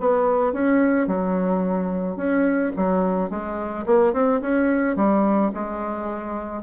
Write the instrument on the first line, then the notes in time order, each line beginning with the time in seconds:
bassoon
0.00 B3
0.53 C#4
1.08 F#3
2.17 C#4
2.77 F#3
3.30 G#3
3.86 A#3
4.13 C4
4.41 C#4
4.96 G3
5.54 G#3